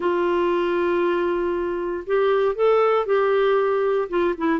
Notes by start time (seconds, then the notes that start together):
0.00 F4
2.06 G4
2.55 A4
3.05 G4
4.09 F4
4.37 E4